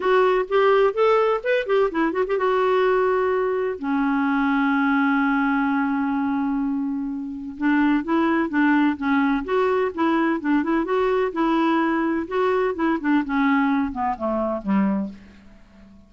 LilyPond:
\new Staff \with { instrumentName = "clarinet" } { \time 4/4 \tempo 4 = 127 fis'4 g'4 a'4 b'8 g'8 | e'8 fis'16 g'16 fis'2. | cis'1~ | cis'1 |
d'4 e'4 d'4 cis'4 | fis'4 e'4 d'8 e'8 fis'4 | e'2 fis'4 e'8 d'8 | cis'4. b8 a4 g4 | }